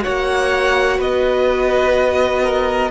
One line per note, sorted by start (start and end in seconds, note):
0.00 2.90 F#4
0.00 0.98 C#5
0.00 1.00 F#5
0.06 0.99 A#3
0.98 2.91 B3
0.98 2.42 B4
0.98 2.91 D#5
2.42 2.91 A#4